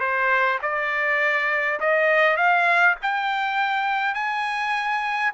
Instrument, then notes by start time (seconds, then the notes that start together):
trumpet
0.00 C5
0.62 D5
1.80 D#5
2.37 F5
3.02 G5
4.14 G#5